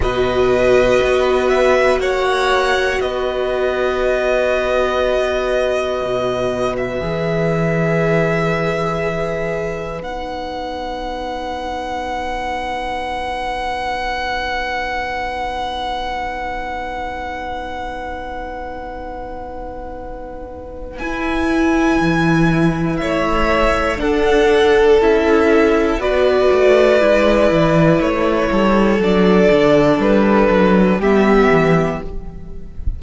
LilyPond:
<<
  \new Staff \with { instrumentName = "violin" } { \time 4/4 \tempo 4 = 60 dis''4. e''8 fis''4 dis''4~ | dis''2~ dis''8. e''4~ e''16~ | e''2 fis''2~ | fis''1~ |
fis''1~ | fis''4 gis''2 e''4 | fis''4 e''4 d''2 | cis''4 d''4 b'4 e''4 | }
  \new Staff \with { instrumentName = "violin" } { \time 4/4 b'2 cis''4 b'4~ | b'1~ | b'1~ | b'1~ |
b'1~ | b'2. cis''4 | a'2 b'2~ | b'8 a'2~ a'8 g'4 | }
  \new Staff \with { instrumentName = "viola" } { \time 4/4 fis'1~ | fis'2. gis'4~ | gis'2 dis'2~ | dis'1~ |
dis'1~ | dis'4 e'2. | d'4 e'4 fis'4 e'4~ | e'4 d'2 b4 | }
  \new Staff \with { instrumentName = "cello" } { \time 4/4 b,4 b4 ais4 b4~ | b2 b,4 e4~ | e2 b2~ | b1~ |
b1~ | b4 e'4 e4 a4 | d'4 cis'4 b8 a8 gis8 e8 | a8 g8 fis8 d8 g8 fis8 g8 e8 | }
>>